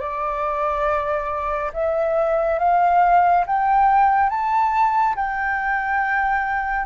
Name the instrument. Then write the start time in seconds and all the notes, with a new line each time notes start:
flute
0.00 D5
1.73 E5
2.59 F5
3.46 G5
4.29 A5
5.15 G5